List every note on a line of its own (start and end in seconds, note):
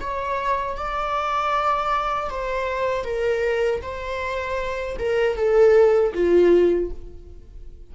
0.00 0.76 C#5
0.76 2.29 D5
2.29 3.04 C5
3.04 3.81 A#4
3.81 4.97 C5
4.99 5.36 A#4
5.36 6.13 A4
6.14 6.91 F4